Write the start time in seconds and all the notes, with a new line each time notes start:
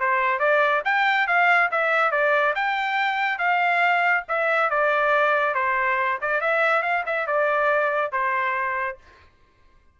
0.00 C5
0.40 D5
0.85 G5
1.28 F5
1.71 E5
2.11 D5
2.55 G5
3.39 F5
4.29 E5
4.70 D5
5.55 C5
6.22 D5
6.41 E5
6.83 F5
7.06 E5
7.27 D5
8.12 C5